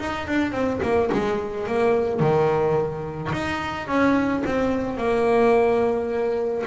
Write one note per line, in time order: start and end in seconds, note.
0.00 0.28 D#4
0.28 0.52 D4
0.52 0.80 C4
0.83 1.11 A#3
1.13 1.68 G#3
1.68 2.20 A#3
2.20 3.32 D#3
3.33 3.88 D#4
3.88 4.43 C#4
4.46 4.98 C4
4.98 6.65 A#3